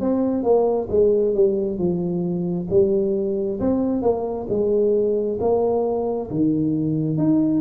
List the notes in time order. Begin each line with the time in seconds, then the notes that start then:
0.00 C4
0.43 A#3
0.90 G#3
1.35 G3
1.78 F3
2.70 G3
3.60 C4
4.02 A#3
4.49 G#3
5.41 A#3
6.30 D#3
7.18 D#4